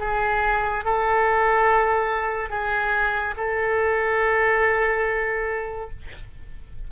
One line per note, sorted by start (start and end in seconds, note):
0.00 0.85 G#4
0.85 2.50 A4
2.50 3.34 G#4
3.36 5.90 A4